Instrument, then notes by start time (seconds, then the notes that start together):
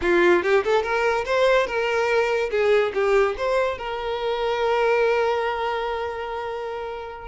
violin
0.01 F4
0.42 G4
0.64 A4
0.83 A#4
1.25 C5
1.66 A#4
2.50 G#4
2.94 G4
3.37 C5
3.78 A#4